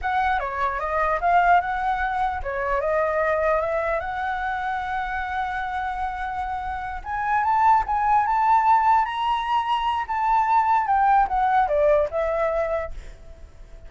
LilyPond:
\new Staff \with { instrumentName = "flute" } { \time 4/4 \tempo 4 = 149 fis''4 cis''4 dis''4 f''4 | fis''2 cis''4 dis''4~ | dis''4 e''4 fis''2~ | fis''1~ |
fis''4. gis''4 a''4 gis''8~ | gis''8 a''2 ais''4.~ | ais''4 a''2 g''4 | fis''4 d''4 e''2 | }